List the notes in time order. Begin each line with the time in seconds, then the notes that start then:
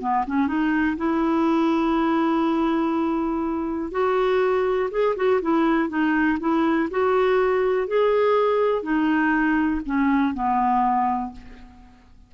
0.00 B3
0.27 C#4
0.48 D#4
0.97 E4
3.91 F#4
4.91 G#4
5.16 F#4
5.42 E4
5.89 D#4
6.40 E4
6.91 F#4
7.87 G#4
8.83 D#4
9.86 C#4
10.34 B3